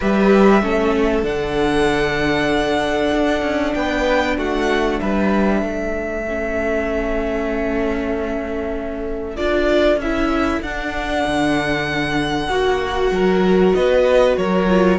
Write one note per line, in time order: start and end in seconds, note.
0.00 0.62 G3
0.00 0.62 G4
0.00 0.62 B4
0.00 1.24 E5
0.62 1.23 A3
0.62 1.23 C#4
0.62 3.75 A4
1.23 3.10 D3
1.23 6.23 D4
1.23 3.74 F#5
3.13 3.42 D4
3.42 3.73 C#4
3.74 4.37 B3
3.74 4.37 B4
3.74 4.36 G5
4.37 5.00 A3
4.37 4.99 F#4
4.37 4.99 F#5
4.99 5.62 G3
4.99 5.63 B4
4.99 9.36 E5
5.62 9.37 A3
5.62 12.48 A4
6.27 9.36 C#4
9.36 9.96 D4
9.36 9.98 F4
9.36 9.98 D5
9.96 10.58 C#4
9.96 10.62 E5
10.03 10.65 E4
10.62 11.24 D4
10.62 12.50 D4
10.62 13.74 F#5
11.26 12.48 D3
12.48 13.11 A#3
12.48 13.11 F#4
12.48 14.67 F#4
13.11 13.73 F#3
13.11 13.76 A#4
13.74 14.37 B3
13.74 14.38 B4
13.74 14.36 D#5
14.36 14.99 F#3
14.36 14.99 A#4
14.36 14.99 C#5
14.67 14.98 F4